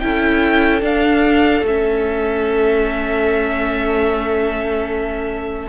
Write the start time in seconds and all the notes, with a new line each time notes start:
0.00 C#4 E4 A4 G5
0.81 D4 F5
1.62 A3 C#4 E5